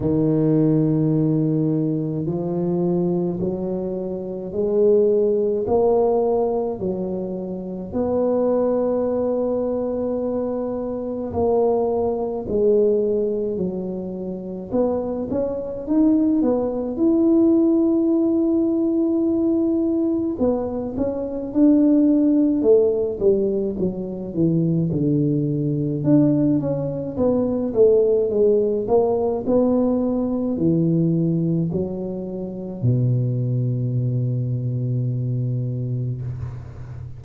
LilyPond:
\new Staff \with { instrumentName = "tuba" } { \time 4/4 \tempo 4 = 53 dis2 f4 fis4 | gis4 ais4 fis4 b4~ | b2 ais4 gis4 | fis4 b8 cis'8 dis'8 b8 e'4~ |
e'2 b8 cis'8 d'4 | a8 g8 fis8 e8 d4 d'8 cis'8 | b8 a8 gis8 ais8 b4 e4 | fis4 b,2. | }